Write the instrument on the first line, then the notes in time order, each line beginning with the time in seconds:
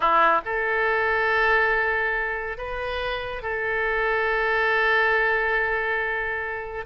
oboe
0.00 E4
0.45 A4
2.57 B4
3.42 A4